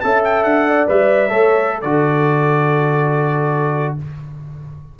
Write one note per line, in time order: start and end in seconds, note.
0.00 0.44 C#4
0.00 0.87 A4
0.00 0.68 E5
0.00 0.21 A5
0.24 0.43 G5
0.43 0.87 D4
0.43 0.86 F#5
0.68 1.31 D5
0.87 1.30 G3
0.87 1.29 B4
0.87 1.81 E5
1.29 1.83 A3
1.29 1.82 A4
1.29 1.74 C#5
1.74 3.99 A4
1.81 3.98 D3
1.81 3.98 F#4
1.81 3.95 D5